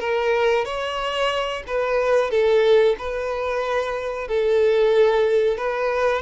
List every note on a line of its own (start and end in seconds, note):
0.00 0.65 A#4
0.65 1.63 C#5
1.67 2.31 B4
2.31 2.96 A4
2.98 4.28 B4
4.28 5.58 A4
5.58 6.22 B4